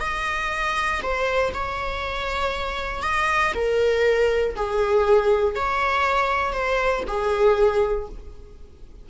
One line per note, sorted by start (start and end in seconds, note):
0.00 1.01 D#5
1.02 1.53 C5
1.54 3.02 C#5
3.02 3.53 D#5
3.54 4.55 A#4
4.55 5.55 G#4
5.55 6.53 C#5
6.53 7.03 C5
7.07 8.08 G#4